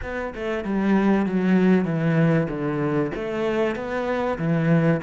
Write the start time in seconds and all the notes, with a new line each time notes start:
0.02 B3
0.34 A3
0.64 G3
1.26 F#3
1.84 E3
2.48 D3
3.14 A3
3.75 B3
4.38 E3